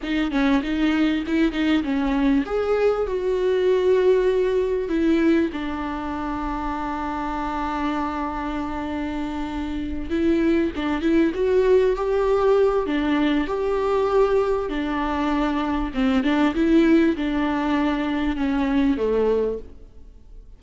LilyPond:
\new Staff \with { instrumentName = "viola" } { \time 4/4 \tempo 4 = 98 dis'8 cis'8 dis'4 e'8 dis'8 cis'4 | gis'4 fis'2. | e'4 d'2.~ | d'1~ |
d'8 e'4 d'8 e'8 fis'4 g'8~ | g'4 d'4 g'2 | d'2 c'8 d'8 e'4 | d'2 cis'4 a4 | }